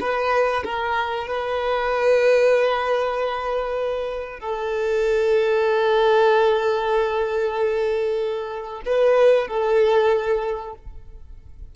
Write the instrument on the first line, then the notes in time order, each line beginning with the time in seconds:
violin
0.00 B4
0.64 A#4
1.27 B4
4.40 A4
8.85 B4
9.47 A4